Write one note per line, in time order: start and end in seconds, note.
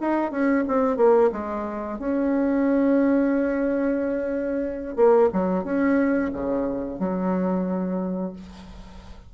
0.00 0.31 D#4
0.31 0.64 C#4
0.67 0.97 C4
0.97 1.30 A#3
1.32 1.98 G#3
1.99 4.96 C#4
4.96 5.29 A#3
5.32 5.64 F#3
5.64 6.30 C#4
6.33 6.99 C#3
6.99 8.32 F#3